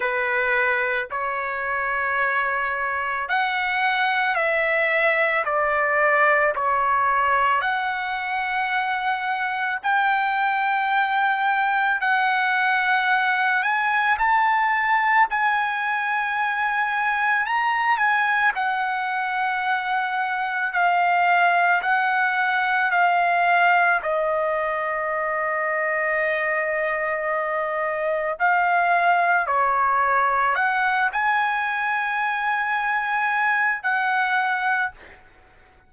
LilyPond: \new Staff \with { instrumentName = "trumpet" } { \time 4/4 \tempo 4 = 55 b'4 cis''2 fis''4 | e''4 d''4 cis''4 fis''4~ | fis''4 g''2 fis''4~ | fis''8 gis''8 a''4 gis''2 |
ais''8 gis''8 fis''2 f''4 | fis''4 f''4 dis''2~ | dis''2 f''4 cis''4 | fis''8 gis''2~ gis''8 fis''4 | }